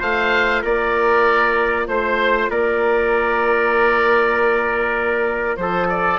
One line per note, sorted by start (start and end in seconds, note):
0.00 0.64 A3
0.00 6.19 F4
0.00 0.62 C5
0.00 0.64 F5
0.62 1.88 A#3
0.62 1.86 A#4
0.62 1.88 D5
1.88 2.49 A3
1.88 2.50 C5
1.88 2.51 C5
2.49 5.58 A#3
2.49 5.60 A#4
2.49 5.57 D5
5.57 6.19 F3
5.57 6.19 A4
5.57 5.87 C5
5.89 6.19 D5